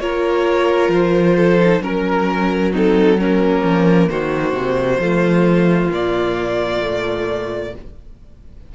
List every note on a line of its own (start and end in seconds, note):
0.00 0.88 A#3
0.00 1.59 F4
0.00 1.36 A#4
0.00 0.91 C#5
0.88 1.79 F3
0.88 1.82 C5
1.36 1.82 A4
1.59 1.81 D#4
1.80 3.62 F#3
1.80 2.72 C#4
1.80 2.72 A#4
1.80 2.73 A#4
2.72 3.18 C4
2.72 3.18 D#4
2.72 3.20 A4
3.19 5.00 A#3
3.19 4.10 C#4
3.19 4.09 A#4
3.63 4.08 F3
4.09 4.53 D#3
4.09 5.01 F#4
4.09 5.91 C5
4.53 4.98 C3
4.99 5.90 F3
4.99 5.91 A3
4.99 7.74 F4
5.91 7.74 A#2
5.91 6.81 A#3
5.91 7.74 D5
6.81 7.72 A3